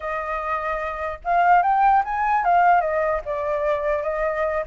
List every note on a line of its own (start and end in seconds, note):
0.00 1.19 D#5
1.24 1.62 F5
1.62 2.03 G5
2.04 2.44 G#5
2.44 2.80 F5
2.80 3.21 D#5
3.25 4.02 D5
4.02 4.63 D#5